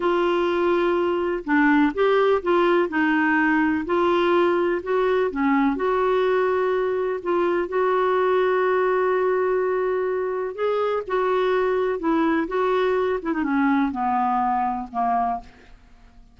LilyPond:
\new Staff \with { instrumentName = "clarinet" } { \time 4/4 \tempo 4 = 125 f'2. d'4 | g'4 f'4 dis'2 | f'2 fis'4 cis'4 | fis'2. f'4 |
fis'1~ | fis'2 gis'4 fis'4~ | fis'4 e'4 fis'4. e'16 dis'16 | cis'4 b2 ais4 | }